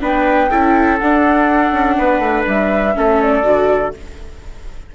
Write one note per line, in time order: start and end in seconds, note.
0.00 0.50 B3
0.00 0.49 D4
0.00 0.50 B4
0.00 0.98 G5
0.51 1.00 C#4
0.51 1.00 E4
0.51 1.97 A4
0.98 2.94 D4
0.98 1.72 D4
0.98 2.44 F#5
1.72 1.96 C#4
1.98 2.19 B3
1.98 2.96 B4
2.19 2.43 A3
2.47 2.96 G3
2.47 3.21 E5
2.94 3.43 A3
2.94 3.43 C#4
2.94 3.95 A4
3.21 3.94 D5
3.43 3.92 D3
3.43 3.92 F#4